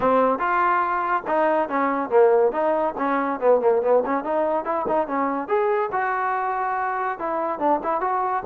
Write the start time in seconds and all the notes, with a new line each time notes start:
0.00 C4
0.38 F4
1.27 D#4
1.69 C#4
2.09 A#3
2.52 D#4
2.97 C#4
3.40 B3
3.60 A#3
3.81 B3
4.05 C#4
4.24 D#4
4.64 E4
4.87 D#4
5.07 C#4
5.48 G#4
5.92 F#4
7.19 E4
7.59 D4
7.83 E4
8.00 F#4